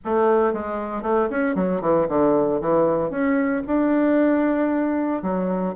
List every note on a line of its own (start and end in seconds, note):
0.04 0.53 A3
0.53 1.02 G#3
1.02 1.28 A3
1.30 1.55 C#4
1.55 1.81 F#3
1.81 2.07 E3
2.08 2.60 D3
2.61 3.10 E3
3.10 3.62 C#4
3.66 5.22 D4
5.22 5.74 F#3